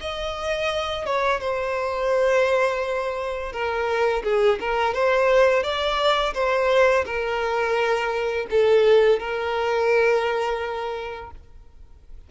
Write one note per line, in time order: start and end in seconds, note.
0.00 1.06 D#5
1.06 1.41 C#5
1.41 3.52 C5
3.52 4.23 A#4
4.24 4.59 G#4
4.60 4.94 A#4
4.94 5.63 C5
5.63 6.33 D5
6.34 7.05 C5
7.06 8.47 A#4
8.50 9.19 A4
9.19 11.31 A#4